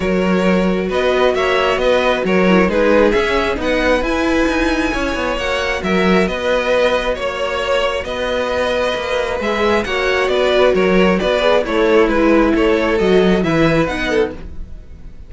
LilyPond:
<<
  \new Staff \with { instrumentName = "violin" } { \time 4/4 \tempo 4 = 134 cis''2 dis''4 e''4 | dis''4 cis''4 b'4 e''4 | fis''4 gis''2. | fis''4 e''4 dis''2 |
cis''2 dis''2~ | dis''4 e''4 fis''4 d''4 | cis''4 d''4 cis''4 b'4 | cis''4 dis''4 e''4 fis''4 | }
  \new Staff \with { instrumentName = "violin" } { \time 4/4 ais'2 b'4 cis''4 | b'4 ais'4 gis'2 | b'2. cis''4~ | cis''4 ais'4 b'2 |
cis''2 b'2~ | b'2 cis''4 b'4 | ais'4 b'4 e'2 | a'2 b'4. a'8 | }
  \new Staff \with { instrumentName = "viola" } { \time 4/4 fis'1~ | fis'4. e'8 dis'4 cis'4 | dis'4 e'2. | fis'1~ |
fis'1~ | fis'4 gis'4 fis'2~ | fis'4. gis'8 a'4 e'4~ | e'4 fis'4 e'4 dis'4 | }
  \new Staff \with { instrumentName = "cello" } { \time 4/4 fis2 b4 ais4 | b4 fis4 gis4 cis'4 | b4 e'4 dis'4 cis'8 b8 | ais4 fis4 b2 |
ais2 b2 | ais4 gis4 ais4 b4 | fis4 b4 a4 gis4 | a4 fis4 e4 b4 | }
>>